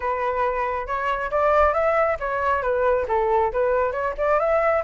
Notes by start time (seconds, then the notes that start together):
0.00 B4
0.86 C#5
1.30 D5
1.73 E5
2.19 C#5
2.62 B4
3.08 A4
3.52 B4
3.92 C#5
4.17 D5
4.39 E5